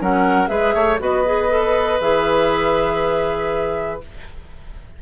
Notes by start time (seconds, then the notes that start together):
0.00 F#3 C#4 A#4 F#5
0.47 G#3 G#4 B4 E5
0.74 A3 C#5
0.99 B3 F#4 B4 D#5
1.25 G#4
1.49 A4
2.00 E3 G#4 E5